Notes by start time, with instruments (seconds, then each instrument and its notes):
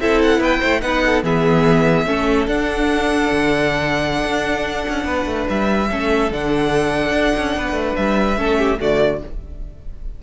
0.00 cello C4, viola E4, violin A4 E5
0.22 violin F#5
0.38 cello B3, violin B4 G5
0.59 cello A3, violin C5
0.81 cello B3, viola D#4, violin B4 F#5
1.06 violin A4
1.23 cello E3, viola B3, violin G#4 E5
2.06 cello A3, viola C#4, violin A4
2.47 viola D4, cello D4, violin F#5
3.31 cello D3
4.24 cello D4
4.89 cello C#4
5.05 cello B3, violin B4
5.25 cello A3
5.49 cello G3, violin E5
5.90 cello A3, viola C#4, violin A4
6.31 cello D3, viola D4, violin F#5
7.11 cello D4
7.36 cello C#4
7.56 cello B3, violin B4
7.72 cello A3
7.96 cello G3, violin E5
8.37 cello A3, viola C#4, violin A4
8.58 violin G4
8.79 cello D3, viola A3, violin F#4 D5